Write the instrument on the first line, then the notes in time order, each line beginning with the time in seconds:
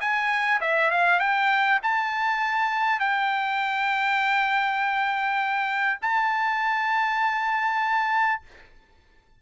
trumpet
0.00 G#5
0.60 E5
0.91 F5
1.19 G5
1.82 A5
2.99 G5
6.01 A5